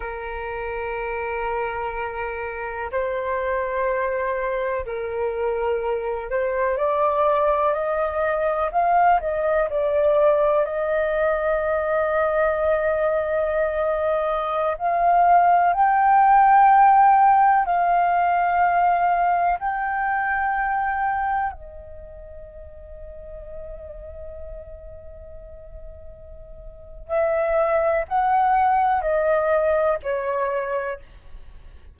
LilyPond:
\new Staff \with { instrumentName = "flute" } { \time 4/4 \tempo 4 = 62 ais'2. c''4~ | c''4 ais'4. c''8 d''4 | dis''4 f''8 dis''8 d''4 dis''4~ | dis''2.~ dis''16 f''8.~ |
f''16 g''2 f''4.~ f''16~ | f''16 g''2 dis''4.~ dis''16~ | dis''1 | e''4 fis''4 dis''4 cis''4 | }